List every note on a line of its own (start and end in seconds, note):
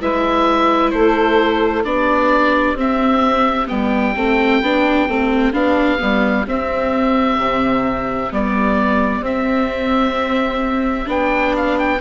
0.00 0.92 G#3
0.00 1.84 E4
0.00 0.93 B4
0.00 0.90 E5
0.90 1.84 A3
0.90 1.87 A4
0.90 1.82 C5
1.84 2.74 B3
1.84 2.76 D4
1.84 12.00 G4
1.84 2.77 D5
2.74 3.66 C4
2.74 3.67 C4
2.74 3.68 E5
3.67 4.15 G3
3.67 4.13 B3
3.67 5.52 G5
4.15 4.61 A3
4.15 4.62 C4
4.61 5.07 B3
4.61 5.08 D4
5.07 5.52 A3
5.07 5.53 C4
5.52 5.98 B3
5.52 5.98 D4
5.52 6.45 F5
5.98 6.46 G3
5.98 6.44 B3
6.46 7.37 C4
6.46 8.31 C4
6.46 8.33 E5
7.37 8.29 C3
8.31 9.20 G3
8.31 9.23 B3
8.31 9.24 D5
9.20 11.05 C4
9.20 11.09 E5
11.05 11.99 B3
11.05 11.97 D4
11.05 11.55 G5
11.56 11.78 F5
11.78 12.00 G5